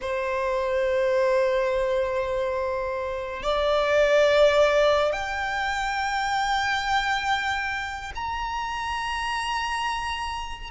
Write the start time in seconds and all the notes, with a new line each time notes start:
0.01 C5
3.42 D5
5.12 G5
8.15 A#5